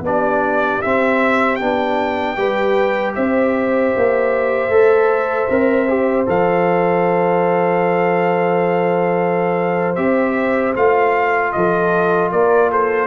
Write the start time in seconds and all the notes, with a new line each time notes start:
0.00 B3 D4 G4 D5
0.82 C4 E5
1.56 B3 D4 G5
2.36 G3 G4 B4
3.15 C4 C5 E5
3.96 A#3
4.69 A3 A4
5.49 C4 A#4
5.88 G4
6.26 F3 A4 F5
9.95 C4 G4 E5
10.75 A3 F4 F5
11.52 F3 A4 D#5
12.31 A#3 A#4 D5
12.70 A4 C5